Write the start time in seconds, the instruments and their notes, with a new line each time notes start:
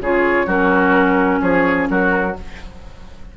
0.00 bassoon C#3, clarinet F4, oboe G#4, flute C#5
0.46 bassoon F#3, clarinet C#4, oboe F#4, flute A#4
1.41 bassoon F3, oboe G#4, flute C#5
1.90 bassoon F#3, oboe F#4, flute A#4